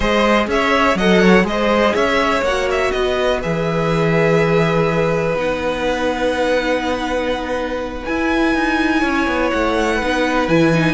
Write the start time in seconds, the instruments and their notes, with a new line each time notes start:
0.00 cello G#3, viola G#4, violin C5 D#5
0.47 cello C#4, violin C#5 E5
0.95 cello F#3, viola A4, violin D#5 F#5
1.21 violin C#5
1.43 cello G#3, viola G#4, violin D#5
1.50 violin C5
1.94 cello C#4, violin C#5 E5
2.41 cello A#3, viola F#4, violin F#5
2.70 violin E5
2.91 cello B3, violin B4 D#5
3.42 cello E3, viola G#4, violin E5
5.34 cello B3, viola D#4, violin F#5
8.04 viola E4, cello E4, violin G#5
8.54 cello D#4
9.00 cello C#4, violin C#5
9.26 cello B3
9.50 cello A3, violin F#5
9.95 violin B4
10.02 cello B3, viola D#4
10.48 cello E3, viola E4, violin G#5
10.73 viola D#4